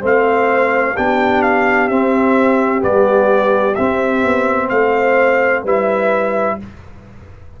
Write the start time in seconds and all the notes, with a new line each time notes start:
0.00 A3 C4 C5 F5
0.95 B3 D4 G4 G5
1.42 F5
1.88 C4 E5
2.79 G3 B3 D5
3.74 C4 E5
4.23 B3
4.69 A3 C5 F5
5.64 G3 E4 B4 E5